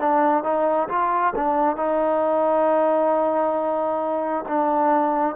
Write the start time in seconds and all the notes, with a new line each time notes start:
0.00 D4
0.44 D#4
0.89 F4
1.36 D4
1.77 D#4
4.49 D4